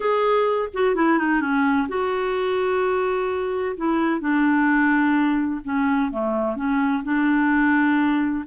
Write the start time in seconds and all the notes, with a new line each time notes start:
0.00 G#4
0.73 F#4
0.95 E4
1.18 D#4
1.40 C#4
1.88 F#4
3.76 E4
4.20 D4
5.64 C#4
6.11 A3
6.56 C#4
7.03 D4